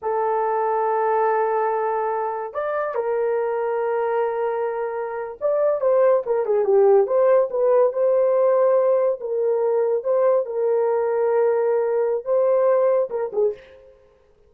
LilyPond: \new Staff \with { instrumentName = "horn" } { \time 4/4 \tempo 4 = 142 a'1~ | a'2 d''4 ais'4~ | ais'1~ | ais'8. d''4 c''4 ais'8 gis'8 g'16~ |
g'8. c''4 b'4 c''4~ c''16~ | c''4.~ c''16 ais'2 c''16~ | c''8. ais'2.~ ais'16~ | ais'4 c''2 ais'8 gis'8 | }